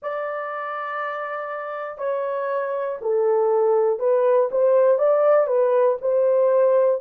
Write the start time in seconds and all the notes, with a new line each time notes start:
0.02 D5
1.97 C#5
3.01 A4
3.99 B4
4.50 C5
4.98 D5
5.47 B4
6.01 C5